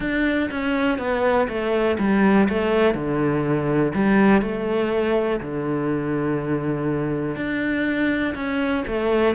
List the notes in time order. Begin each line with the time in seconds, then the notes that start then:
0.00 D4
0.50 C#4
0.98 B3
1.48 A3
1.98 G3
2.48 A3
2.94 D3
3.94 G3
4.41 A3
5.40 D3
7.35 D4
8.35 C#4
8.87 A3